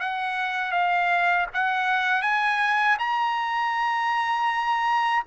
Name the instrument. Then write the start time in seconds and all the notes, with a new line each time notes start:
trumpet
0.00 F#5
0.72 F5
1.53 F#5
2.22 G#5
2.99 A#5